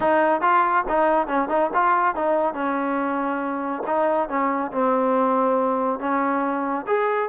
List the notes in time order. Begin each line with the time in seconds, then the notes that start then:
0.00 D#4
0.41 F4
0.88 D#4
1.27 C#4
1.49 D#4
1.73 F4
2.15 D#4
2.54 C#4
3.86 D#4
4.28 C#4
4.72 C4
5.99 C#4
6.86 G#4